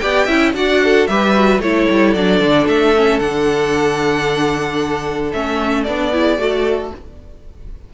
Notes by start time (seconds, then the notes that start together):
0.00 B3 G4 D5 G5
0.26 C#4 E4 E5
0.55 D4 F#4 D5 F#5
0.84 A4
1.07 G3 G4 B4 E5
1.35 F#4
1.60 A3 E4 A4 C#5
1.90 G3
2.14 F#3 D4 D5
2.41 D3
2.67 A3 E5
2.96 C#4
3.20 D3 D4 F#5
5.33 A3 C#4 E5
5.84 B3 D4 D5
6.12 E4 G#4
6.38 A3 F#4 A4